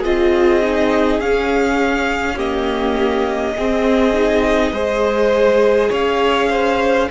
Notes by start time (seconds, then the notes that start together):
0.00 C4 F4 G#4 D#5
0.63 D#4
1.20 C#4 F5
2.36 A#3 G4 D#5
3.56 C4 G#4
4.14 D#4
4.72 G#3 G#4 C5
5.90 C#4 C#5 F5
6.50 C5